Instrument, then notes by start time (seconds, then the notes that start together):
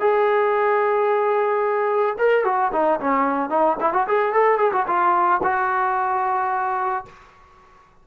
trombone
0.00 G#4
2.18 A#4
2.44 F#4
2.73 D#4
3.00 C#4
3.50 D#4
3.81 E4
3.93 F#4
4.08 G#4
4.33 A4
4.58 G#4
4.73 F#4
4.87 F4
5.43 F#4